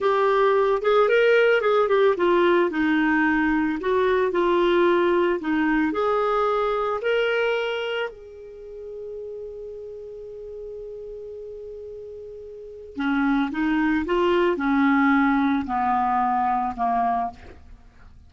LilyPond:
\new Staff \with { instrumentName = "clarinet" } { \time 4/4 \tempo 4 = 111 g'4. gis'8 ais'4 gis'8 g'8 | f'4 dis'2 fis'4 | f'2 dis'4 gis'4~ | gis'4 ais'2 gis'4~ |
gis'1~ | gis'1 | cis'4 dis'4 f'4 cis'4~ | cis'4 b2 ais4 | }